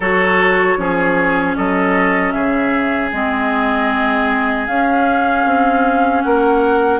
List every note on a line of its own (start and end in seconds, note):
0.00 0.76 F#3
0.00 0.78 F#4
0.00 0.78 A4
0.00 1.56 C#5
0.78 1.56 F3
0.78 3.12 C#4
0.78 1.57 G#4
1.56 2.33 F#3
1.56 2.34 A4
1.56 2.32 D#5
2.32 3.11 C#3
2.32 6.23 G#4
2.32 3.10 E5
3.12 4.67 G#3
3.12 4.69 C4
3.12 4.66 D#5
4.66 5.45 C#4
4.66 7.00 C#4
4.66 6.22 F5
5.45 6.23 C4
6.22 7.00 A#3
6.22 7.00 A#4
6.22 7.00 F#5